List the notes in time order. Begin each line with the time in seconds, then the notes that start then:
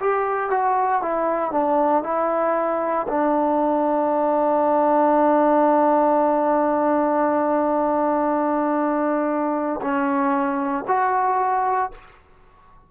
0.00 G4
0.50 F#4
1.02 E4
1.51 D4
2.03 E4
3.08 D4
9.81 C#4
10.88 F#4